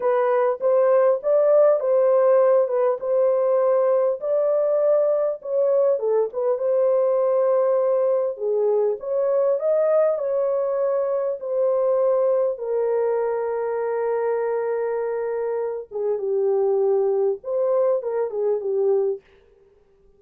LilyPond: \new Staff \with { instrumentName = "horn" } { \time 4/4 \tempo 4 = 100 b'4 c''4 d''4 c''4~ | c''8 b'8 c''2 d''4~ | d''4 cis''4 a'8 b'8 c''4~ | c''2 gis'4 cis''4 |
dis''4 cis''2 c''4~ | c''4 ais'2.~ | ais'2~ ais'8 gis'8 g'4~ | g'4 c''4 ais'8 gis'8 g'4 | }